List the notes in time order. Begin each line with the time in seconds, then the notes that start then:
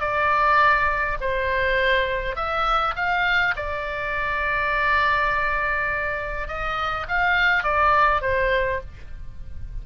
0.00 D5
1.20 C5
2.36 E5
2.95 F5
3.56 D5
6.48 D#5
7.08 F5
7.63 D5
8.21 C5